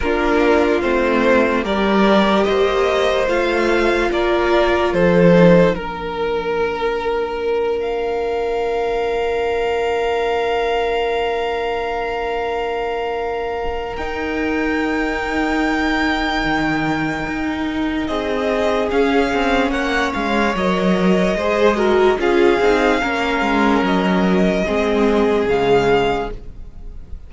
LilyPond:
<<
  \new Staff \with { instrumentName = "violin" } { \time 4/4 \tempo 4 = 73 ais'4 c''4 d''4 dis''4 | f''4 d''4 c''4 ais'4~ | ais'4. f''2~ f''8~ | f''1~ |
f''4 g''2.~ | g''2 dis''4 f''4 | fis''8 f''8 dis''2 f''4~ | f''4 dis''2 f''4 | }
  \new Staff \with { instrumentName = "violin" } { \time 4/4 f'2 ais'4 c''4~ | c''4 ais'4 a'4 ais'4~ | ais'1~ | ais'1~ |
ais'1~ | ais'2 gis'2 | cis''2 c''8 ais'8 gis'4 | ais'2 gis'2 | }
  \new Staff \with { instrumentName = "viola" } { \time 4/4 d'4 c'4 g'2 | f'2~ f'8 dis'8 d'4~ | d'1~ | d'1~ |
d'4 dis'2.~ | dis'2. cis'4~ | cis'4 ais'4 gis'8 fis'8 f'8 dis'8 | cis'2 c'4 gis4 | }
  \new Staff \with { instrumentName = "cello" } { \time 4/4 ais4 a4 g4 ais4 | a4 ais4 f4 ais4~ | ais1~ | ais1~ |
ais4 dis'2. | dis4 dis'4 c'4 cis'8 c'8 | ais8 gis8 fis4 gis4 cis'8 c'8 | ais8 gis8 fis4 gis4 cis4 | }
>>